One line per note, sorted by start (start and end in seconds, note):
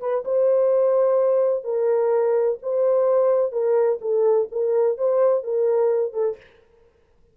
0.00 0.24 B4
0.24 1.64 C5
1.64 2.58 A#4
2.62 3.52 C5
3.52 3.99 A#4
4.01 4.48 A4
4.52 4.97 A#4
4.97 5.43 C5
5.43 6.13 A#4
6.13 6.37 A4